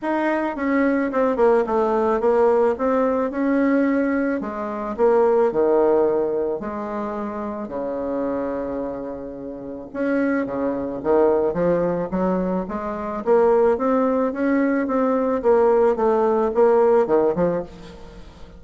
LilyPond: \new Staff \with { instrumentName = "bassoon" } { \time 4/4 \tempo 4 = 109 dis'4 cis'4 c'8 ais8 a4 | ais4 c'4 cis'2 | gis4 ais4 dis2 | gis2 cis2~ |
cis2 cis'4 cis4 | dis4 f4 fis4 gis4 | ais4 c'4 cis'4 c'4 | ais4 a4 ais4 dis8 f8 | }